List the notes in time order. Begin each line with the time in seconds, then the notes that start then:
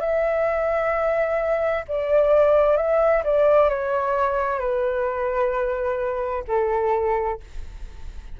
0.00 E5
1.88 D5
2.77 E5
3.24 D5
3.69 C#5
4.59 B4
6.47 A4